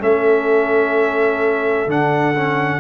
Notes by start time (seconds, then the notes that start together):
0.00 A3 C#4 A4 E5
1.86 D3 D4 F#5
2.35 C#4